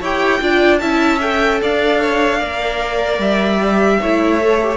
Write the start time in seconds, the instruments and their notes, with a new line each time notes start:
0.00 cello E4, viola G4, violin C#5 G5
0.40 cello D4, viola F4, violin D5
0.78 cello C#4, viola E4, violin E5 A5
1.20 viola A4, violin G5
1.62 cello D4, violin D5 F5
2.01 violin C#5
2.38 cello A#3, viola A#4, violin D5
3.18 cello G3, violin E5
3.61 viola G4
4.00 cello A3, viola E4, violin C#5
4.41 viola A4
4.63 viola G4